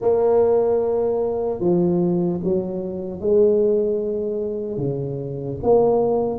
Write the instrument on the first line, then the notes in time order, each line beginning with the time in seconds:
tuba
0.01 A#3
1.60 F3
2.43 F#3
3.20 G#3
4.77 C#3
5.63 A#3